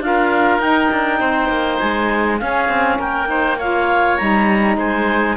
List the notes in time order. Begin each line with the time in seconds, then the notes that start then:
0.00 D4 F4 F5
0.06 A#4
0.58 D#4 G5
0.92 D4
1.20 C4 C5
1.49 A#3
1.79 G#3 G#5
2.39 C#4 G#4 F5
2.69 C4
2.98 A#3 A#4 G5
3.27 D#4 C5
3.58 F4 C#5 F5
4.18 G3 D#4 A#5
4.77 G#3 C5 G#5